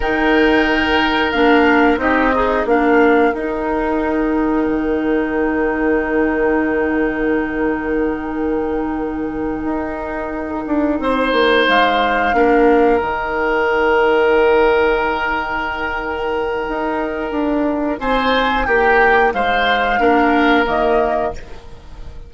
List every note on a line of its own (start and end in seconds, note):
0.00 1.33 D#3
0.00 1.33 D#4
0.00 1.99 A#4
0.00 1.31 G5
1.31 1.97 A#3
1.31 1.97 D4
1.31 1.98 F5
1.97 2.63 C4
1.97 2.31 D#4
1.97 2.34 G4
1.97 2.66 D#5
2.34 2.67 D#4
2.34 2.66 G#4
2.65 3.32 A#3
2.65 3.33 D4
2.65 11.01 A#4
2.65 3.33 F5
3.33 4.67 D#4
3.33 12.33 D#4
3.33 11.66 G5
4.68 9.64 D#3
9.64 10.64 D#4
10.66 10.99 D4
10.99 11.32 C4
10.99 12.35 C5
11.32 11.65 A#3
11.67 12.33 G#3
11.67 13.00 F5
12.33 12.99 A#3
12.33 13.00 D4
12.33 17.99 A#4
13.00 16.67 D#3
13.00 19.99 D#4
13.00 17.99 G5
16.68 17.31 D#4
17.31 17.98 D4
17.99 18.66 C4
17.99 18.66 C5
17.99 18.65 G#5
18.65 19.33 A#3
18.65 19.33 G4
18.65 19.32 G5
19.33 19.99 G#3
19.33 20.00 C5
19.33 20.66 F5
19.99 20.66 A#3
19.99 20.65 D4
19.99 21.33 A#4
20.65 21.33 D#3
20.65 21.32 A#3
20.65 21.33 D#5